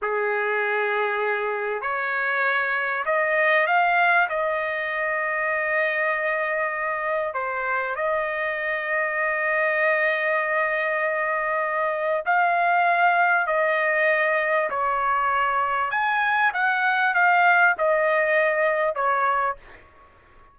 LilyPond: \new Staff \with { instrumentName = "trumpet" } { \time 4/4 \tempo 4 = 98 gis'2. cis''4~ | cis''4 dis''4 f''4 dis''4~ | dis''1 | c''4 dis''2.~ |
dis''1 | f''2 dis''2 | cis''2 gis''4 fis''4 | f''4 dis''2 cis''4 | }